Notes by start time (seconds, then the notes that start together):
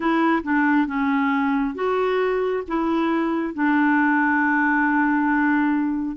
0.00 E4
0.43 D4
0.86 C#4
1.74 F#4
2.67 E4
3.54 D4